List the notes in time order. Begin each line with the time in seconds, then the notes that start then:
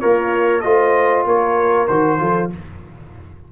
0.00 A#3 F4 A#4 C#5
0.61 A3 F4 C5 D#5
1.25 A#3 A#4 C#5
1.87 D#3 F#4 C5
2.18 F3 F4 A4